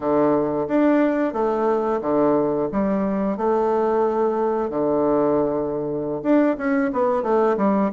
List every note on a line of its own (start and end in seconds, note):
0.00 0.67 D3
0.67 1.33 D4
1.33 2.00 A3
2.01 2.68 D3
2.72 3.37 G3
3.37 4.69 A3
4.69 6.21 D3
6.22 6.56 D4
6.57 6.91 C#4
6.93 7.23 B3
7.23 7.56 A3
7.57 7.91 G3